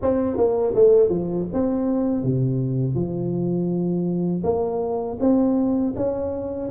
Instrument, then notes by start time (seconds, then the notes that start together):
tuba
0.02 C4
0.36 A#3
0.74 A3
1.09 F3
1.53 C4
2.23 C3
2.94 F3
4.43 A#3
5.20 C4
5.96 C#4